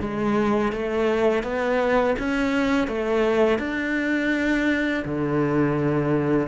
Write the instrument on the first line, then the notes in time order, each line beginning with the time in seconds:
cello
0.00 G#3
0.73 A3
1.43 B3
2.19 C#4
2.88 A3
3.59 D4
5.05 D3